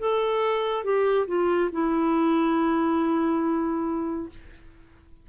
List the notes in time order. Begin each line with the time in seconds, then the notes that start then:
0.00 A4
0.85 G4
1.28 F4
1.73 E4